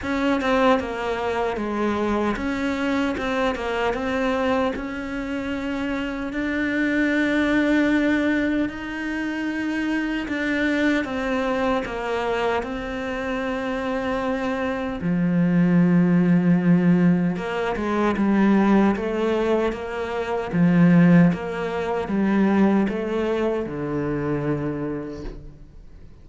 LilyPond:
\new Staff \with { instrumentName = "cello" } { \time 4/4 \tempo 4 = 76 cis'8 c'8 ais4 gis4 cis'4 | c'8 ais8 c'4 cis'2 | d'2. dis'4~ | dis'4 d'4 c'4 ais4 |
c'2. f4~ | f2 ais8 gis8 g4 | a4 ais4 f4 ais4 | g4 a4 d2 | }